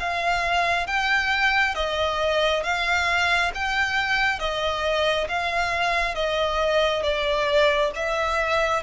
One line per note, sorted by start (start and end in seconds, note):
0.00 0.87 F5
0.87 1.75 G5
1.75 2.64 D#5
2.64 3.52 F5
3.55 4.40 G5
4.40 5.28 D#5
5.29 6.15 F5
6.15 7.03 D#5
7.03 7.92 D5
7.96 8.83 E5